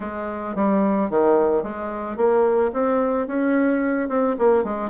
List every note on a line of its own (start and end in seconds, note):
0.00 0.55 G#3
0.55 1.10 G3
1.10 1.63 D#3
1.63 2.16 G#3
2.16 2.71 A#3
2.73 3.27 C4
3.27 4.08 C#4
4.08 4.36 C4
4.38 4.64 A#3
4.64 4.90 G#3